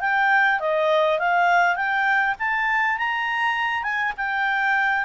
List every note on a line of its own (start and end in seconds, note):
0.00 0.59 G5
0.59 1.19 D#5
1.19 1.75 F5
1.75 2.35 G5
2.39 2.97 A5
2.97 3.83 A#5
3.83 4.13 G#5
4.17 5.04 G5